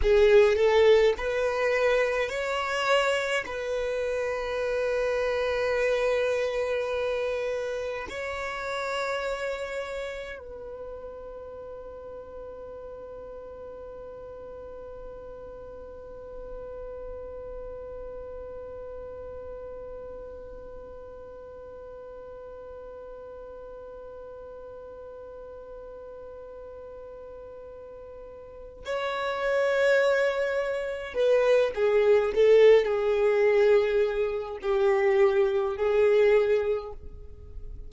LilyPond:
\new Staff \with { instrumentName = "violin" } { \time 4/4 \tempo 4 = 52 gis'8 a'8 b'4 cis''4 b'4~ | b'2. cis''4~ | cis''4 b'2.~ | b'1~ |
b'1~ | b'1~ | b'4 cis''2 b'8 gis'8 | a'8 gis'4. g'4 gis'4 | }